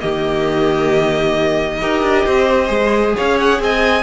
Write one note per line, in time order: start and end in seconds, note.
0.00 1.82 D#3
0.00 1.81 A#3
0.00 1.81 G4
0.00 3.16 D#5
1.81 2.02 D#4
1.81 2.67 G4
1.81 2.25 A#4
2.02 2.25 D4
2.25 2.70 C4
2.25 3.16 C5
2.67 3.15 G#3
2.67 4.03 G#4
3.16 3.60 C#4
3.16 3.61 C#5
3.16 3.39 F5
3.39 3.61 F#5
3.60 4.03 C4
3.60 4.03 D#5
3.60 4.03 G#5